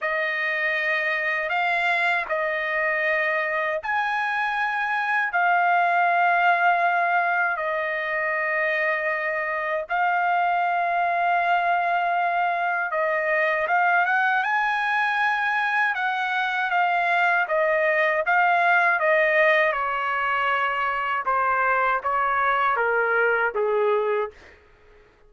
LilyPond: \new Staff \with { instrumentName = "trumpet" } { \time 4/4 \tempo 4 = 79 dis''2 f''4 dis''4~ | dis''4 gis''2 f''4~ | f''2 dis''2~ | dis''4 f''2.~ |
f''4 dis''4 f''8 fis''8 gis''4~ | gis''4 fis''4 f''4 dis''4 | f''4 dis''4 cis''2 | c''4 cis''4 ais'4 gis'4 | }